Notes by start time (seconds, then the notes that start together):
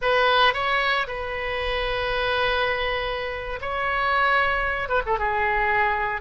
0.01 B4
0.53 C#5
1.07 B4
3.61 C#5
4.88 B4
5.05 A4
5.18 G#4